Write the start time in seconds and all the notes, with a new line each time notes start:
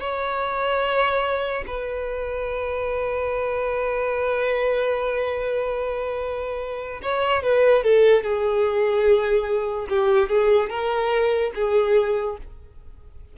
0.00 C#5
1.67 B4
7.02 C#5
7.43 B4
7.84 A4
8.23 G#4
9.89 G4
10.29 G#4
10.70 A#4
11.55 G#4